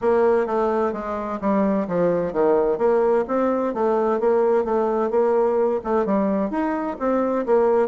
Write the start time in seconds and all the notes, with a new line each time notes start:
0.01 A#3
0.46 A3
0.92 G#3
1.40 G3
1.87 F3
2.32 D#3
2.78 A#3
3.27 C4
3.74 A3
4.20 A#3
4.64 A3
5.10 A#3
5.84 A3
6.05 G3
6.50 D#4
6.99 C4
7.45 A#3